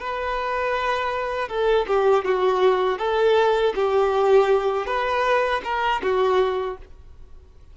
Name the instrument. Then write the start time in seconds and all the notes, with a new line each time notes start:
violin
0.00 B4
1.49 A4
1.88 G4
2.25 F#4
2.99 A4
3.76 G4
4.86 B4
5.64 A#4
6.03 F#4